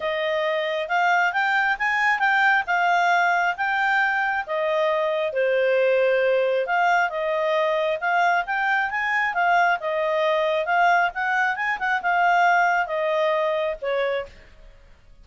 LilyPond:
\new Staff \with { instrumentName = "clarinet" } { \time 4/4 \tempo 4 = 135 dis''2 f''4 g''4 | gis''4 g''4 f''2 | g''2 dis''2 | c''2. f''4 |
dis''2 f''4 g''4 | gis''4 f''4 dis''2 | f''4 fis''4 gis''8 fis''8 f''4~ | f''4 dis''2 cis''4 | }